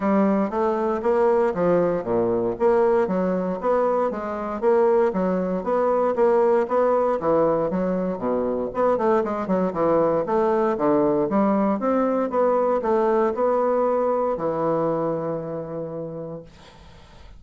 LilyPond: \new Staff \with { instrumentName = "bassoon" } { \time 4/4 \tempo 4 = 117 g4 a4 ais4 f4 | ais,4 ais4 fis4 b4 | gis4 ais4 fis4 b4 | ais4 b4 e4 fis4 |
b,4 b8 a8 gis8 fis8 e4 | a4 d4 g4 c'4 | b4 a4 b2 | e1 | }